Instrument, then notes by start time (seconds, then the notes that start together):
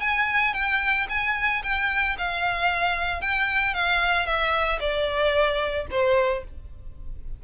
violin
0.00 G#5
0.53 G5
1.09 G#5
1.63 G5
2.18 F5
3.21 G5
3.73 F5
4.26 E5
4.80 D5
5.90 C5